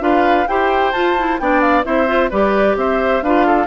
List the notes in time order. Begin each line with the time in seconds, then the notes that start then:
0.00 D4 F4 B4 F5
0.48 E4 G4 C5 G5
0.92 F4 A5
1.18 E4
1.39 B3 D4 D5 G5
1.61 F5
1.84 C4 E4 C5 E5
2.07 F4
2.30 G3 G4 B4 D5
2.76 C4 C5 E5
3.22 D4 F4 B4 F5
3.47 A4